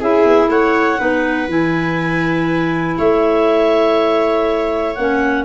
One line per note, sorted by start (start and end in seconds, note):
0.00 0.25 C#4
0.00 0.98 E4
0.00 0.50 G#4
0.00 0.50 E5
0.25 0.49 B3
0.49 0.98 A3
0.49 0.99 C#5
0.49 1.50 F#5
0.98 1.48 B3
0.98 1.48 D#4
0.98 2.97 B4
1.48 2.97 E3
1.48 4.96 E4
1.48 2.98 G#5
2.98 4.97 A3
2.98 5.46 C#5
2.98 4.95 E5
4.95 5.46 A#3
4.95 5.46 C#4
4.95 5.44 F#5